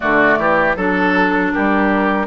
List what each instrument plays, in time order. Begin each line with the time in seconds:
0.00 bassoon D3, clarinet A3, oboe F#4, flute D5
0.38 bassoon E3, oboe G4
0.76 bassoon F#3, clarinet D4, oboe A4, flute A4
1.53 bassoon G3, oboe G4, flute A#4